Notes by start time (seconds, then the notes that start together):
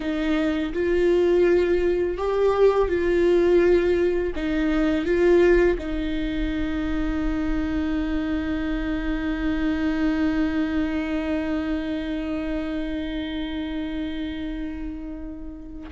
0.00 D#4
0.73 F4
2.17 G4
2.88 F4
4.35 D#4
5.05 F4
5.78 D#4